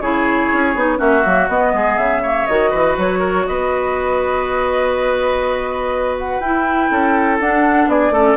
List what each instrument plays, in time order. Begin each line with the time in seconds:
0.00 bassoon C#3, clarinet E4, oboe G#4, flute C#5
0.53 bassoon C#4
0.75 bassoon B3, clarinet D#4
0.97 bassoon A#3, clarinet C#4, oboe F#4, flute E5
1.23 bassoon F#3, clarinet A#3
1.48 bassoon B3, clarinet B3, flute D#5
1.73 bassoon G#3, oboe G#4
1.97 bassoon C#3, flute E5
2.22 clarinet A#3, oboe C#5
2.46 bassoon D#3, clarinet F#4, flute D#5
2.70 bassoon E3, oboe B4
2.97 bassoon F#3, flute C#5
3.19 oboe A#4
3.46 bassoon B3, oboe B4, flute D#5
6.18 flute F#5
6.39 bassoon E4, clarinet E4, flute G5
6.90 bassoon C#4, oboe A4
7.39 bassoon D4, clarinet D4, flute F#5
7.87 bassoon B3, oboe G#4, flute D5
8.10 bassoon A3, clarinet C#4, oboe A4